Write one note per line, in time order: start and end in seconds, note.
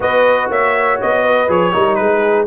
0.00 0.49 B3
0.00 1.48 F#4
0.00 0.49 B4
0.00 0.50 D#5
0.49 0.98 A#3
0.49 1.23 C#5
0.49 1.00 E5
1.01 1.48 B3
1.01 1.50 D#5
1.23 1.72 B4
1.48 1.73 F3
1.48 1.72 G#4
1.48 1.95 C#5
1.72 1.99 G3
1.72 2.46 D#4
1.72 1.98 A#4
1.95 2.46 G#3
1.95 2.46 G#4
1.95 2.44 B4